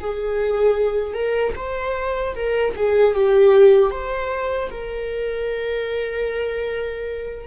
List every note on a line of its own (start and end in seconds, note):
0.00 1.14 G#4
1.14 1.54 A#4
1.56 2.35 C5
2.36 2.75 A#4
2.76 3.15 G#4
3.15 3.91 G4
3.91 4.70 C5
4.71 7.47 A#4